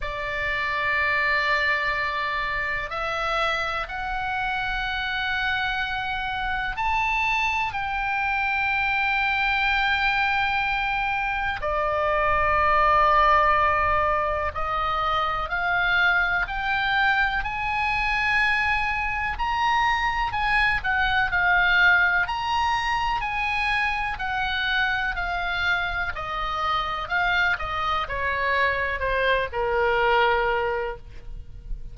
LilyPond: \new Staff \with { instrumentName = "oboe" } { \time 4/4 \tempo 4 = 62 d''2. e''4 | fis''2. a''4 | g''1 | d''2. dis''4 |
f''4 g''4 gis''2 | ais''4 gis''8 fis''8 f''4 ais''4 | gis''4 fis''4 f''4 dis''4 | f''8 dis''8 cis''4 c''8 ais'4. | }